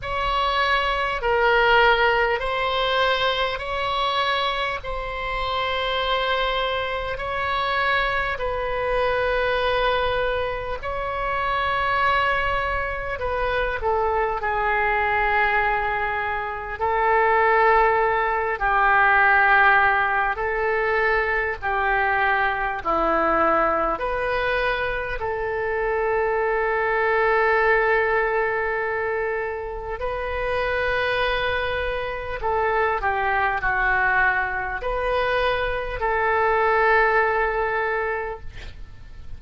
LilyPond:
\new Staff \with { instrumentName = "oboe" } { \time 4/4 \tempo 4 = 50 cis''4 ais'4 c''4 cis''4 | c''2 cis''4 b'4~ | b'4 cis''2 b'8 a'8 | gis'2 a'4. g'8~ |
g'4 a'4 g'4 e'4 | b'4 a'2.~ | a'4 b'2 a'8 g'8 | fis'4 b'4 a'2 | }